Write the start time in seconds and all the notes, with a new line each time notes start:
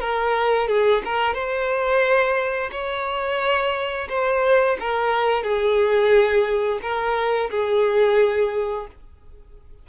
0.00 A#4
0.68 G#4
1.05 A#4
1.34 C5
2.71 C#5
4.09 C5
4.80 A#4
5.44 G#4
6.82 A#4
7.50 G#4